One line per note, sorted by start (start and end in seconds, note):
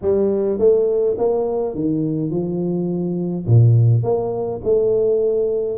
0.01 0.58 G3
0.58 1.16 A3
1.18 1.74 A#3
1.74 2.30 D#3
2.30 3.45 F3
3.46 4.03 A#2
4.03 4.60 A#3
4.63 5.78 A3